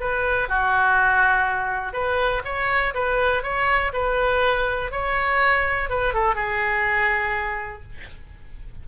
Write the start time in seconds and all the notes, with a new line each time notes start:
0.00 B4
0.48 F#4
1.93 B4
2.44 C#5
2.94 B4
3.42 C#5
3.93 B4
4.91 C#5
5.89 B4
6.14 A4
6.35 G#4